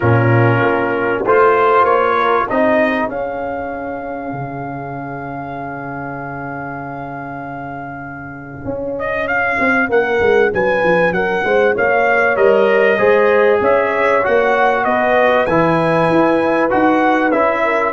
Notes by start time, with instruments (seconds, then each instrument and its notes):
0.00 tuba A#2, trombone C#4, horn F4, trumpet A#4
0.61 tuba A#3
1.22 tuba A3, trombone F4, horn C5, trumpet C5
1.83 tuba A#3, trumpet C#5
2.16 horn A#4
2.45 tuba C4, trombone D#4, horn G#4, trumpet D#5
3.08 tuba C#4, trombone C#4, trumpet F5
4.32 tuba C#3
8.64 tuba C#4
8.99 trumpet D#5
9.27 trumpet F5
9.59 tuba C4
9.89 tuba A#3, horn A#4, trumpet F#5
10.20 tuba G#3
10.53 tuba F#3, horn B4, trumpet G#5
10.83 tuba F3
11.11 tuba F#3, horn A#4, trumpet F#5
11.44 tuba G#3, horn C5
11.74 tuba A#3, horn C#5, trumpet F5
12.35 tuba G3, trombone A#4, trumpet D#5
12.98 tuba G#3, trombone G#4, horn C5
13.60 tuba C#4, horn C#5, trumpet E5
14.23 tuba A#3, trombone F#4, trumpet F#5
14.84 tuba B3, horn B4, trumpet D#5
15.46 tuba E3, trombone E4, trumpet G#5
16.09 tuba E4
16.70 tuba D#4, trombone F#4, trumpet F#5
17.31 tuba C#4, trombone E4, trumpet E5
17.63 horn A#4